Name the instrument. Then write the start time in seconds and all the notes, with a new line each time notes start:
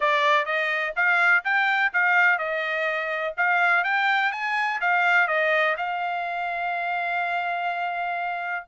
trumpet
0.00 D5
0.45 D#5
0.96 F5
1.44 G5
1.93 F5
2.38 D#5
3.37 F5
3.84 G5
4.32 G#5
4.80 F5
5.27 D#5
5.77 F5